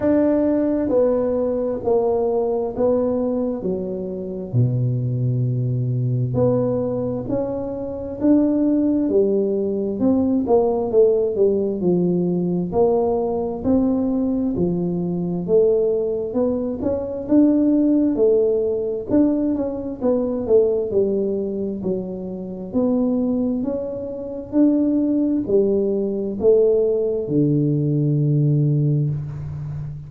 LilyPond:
\new Staff \with { instrumentName = "tuba" } { \time 4/4 \tempo 4 = 66 d'4 b4 ais4 b4 | fis4 b,2 b4 | cis'4 d'4 g4 c'8 ais8 | a8 g8 f4 ais4 c'4 |
f4 a4 b8 cis'8 d'4 | a4 d'8 cis'8 b8 a8 g4 | fis4 b4 cis'4 d'4 | g4 a4 d2 | }